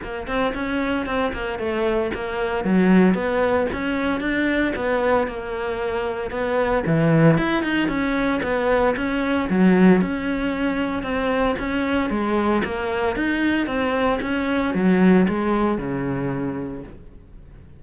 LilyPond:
\new Staff \with { instrumentName = "cello" } { \time 4/4 \tempo 4 = 114 ais8 c'8 cis'4 c'8 ais8 a4 | ais4 fis4 b4 cis'4 | d'4 b4 ais2 | b4 e4 e'8 dis'8 cis'4 |
b4 cis'4 fis4 cis'4~ | cis'4 c'4 cis'4 gis4 | ais4 dis'4 c'4 cis'4 | fis4 gis4 cis2 | }